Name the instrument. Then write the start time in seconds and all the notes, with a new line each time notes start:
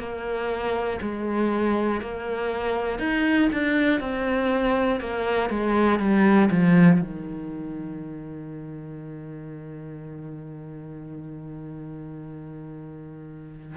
cello
0.00 A#3
1.02 G#3
2.01 A#3
3.00 D#4
3.53 D4
4.01 C4
5.01 A#3
5.50 G#3
6.00 G3
6.51 F3
7.01 D#3